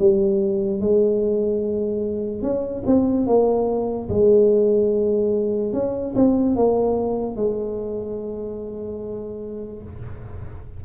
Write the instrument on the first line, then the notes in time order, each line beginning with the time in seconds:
tuba
0.00 G3
0.81 G#3
2.42 C#4
2.87 C4
3.27 A#3
4.09 G#3
5.73 C#4
6.16 C4
6.56 A#3
7.37 G#3